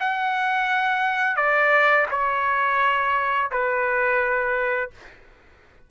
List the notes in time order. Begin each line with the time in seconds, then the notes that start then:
0.00 F#5
1.37 D5
2.11 C#5
3.51 B4